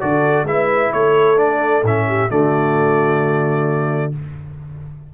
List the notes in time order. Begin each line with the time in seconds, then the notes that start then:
0.00 D3 F#4 A4 D5
0.43 G#3 E4 B4 E5
0.93 A3 A4 C#5
1.36 D4 D5
1.83 A2 C#4 E5
2.07 G4
2.29 D3 A3 F#4 D5